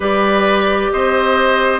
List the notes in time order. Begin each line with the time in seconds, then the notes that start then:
0.00 G3 G4 B4 D5
0.91 C4 C5 D#5